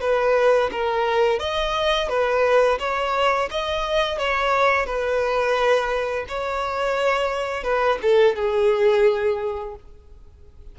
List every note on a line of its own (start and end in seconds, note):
0.00 0.70 B4
0.72 1.39 A#4
1.39 2.08 D#5
2.08 2.78 B4
2.79 3.49 C#5
3.51 4.18 D#5
4.18 4.86 C#5
4.86 6.25 B4
6.28 7.63 C#5
7.63 7.98 B4
8.02 8.36 A4
8.36 9.75 G#4